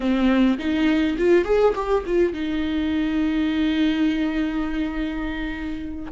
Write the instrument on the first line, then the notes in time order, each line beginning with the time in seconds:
viola
0.00 C4
0.58 D#4
1.18 F4
1.44 G#4
1.75 G4
2.05 F4
2.33 D#4